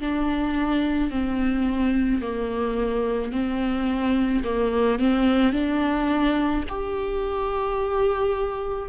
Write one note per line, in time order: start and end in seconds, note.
0.00 1.11 D4
1.11 2.22 C4
2.22 3.32 A#3
3.32 4.43 C4
4.44 4.99 A#3
4.99 5.53 C4
5.53 6.64 D4
6.69 8.89 G4